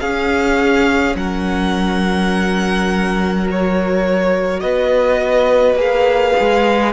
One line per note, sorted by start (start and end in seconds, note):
0.00 1.15 C#4
0.00 3.49 C#4
0.00 1.16 G#4
0.00 1.15 F5
1.15 4.61 F#3
1.15 4.62 A#4
1.15 3.47 F#5
3.49 5.77 F#4
3.49 4.60 C#5
4.60 5.74 B3
4.60 6.93 B4
4.60 5.75 D#5
5.74 6.31 A#3
5.74 6.92 G#4
5.81 6.93 F5
6.40 6.93 G#3